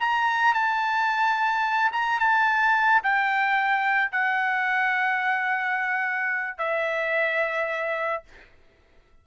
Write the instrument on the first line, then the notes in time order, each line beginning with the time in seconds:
trumpet
0.00 A#5
0.54 A5
1.93 A#5
2.20 A5
3.03 G5
4.12 F#5
6.58 E5